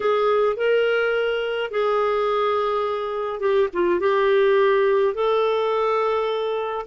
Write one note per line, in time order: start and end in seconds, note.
0.00 0.56 G#4
0.56 1.70 A#4
1.70 3.39 G#4
3.39 3.68 G4
3.73 4.00 F4
4.00 5.14 G4
5.14 6.86 A4